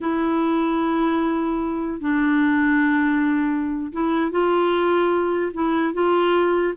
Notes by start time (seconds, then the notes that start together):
0.00 E4
2.00 D4
3.92 E4
4.31 F4
5.53 E4
5.93 F4